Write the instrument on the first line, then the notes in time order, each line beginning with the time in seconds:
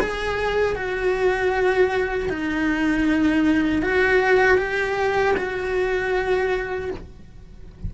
cello
0.00 G#4
0.75 F#4
2.29 D#4
3.82 F#4
4.58 G4
5.36 F#4